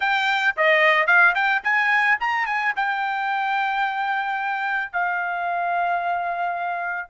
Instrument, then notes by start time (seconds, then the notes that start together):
trumpet
0.00 G5
0.56 D#5
1.06 F5
1.34 G5
1.63 G#5
2.20 A#5
2.45 G#5
2.75 G5
4.92 F5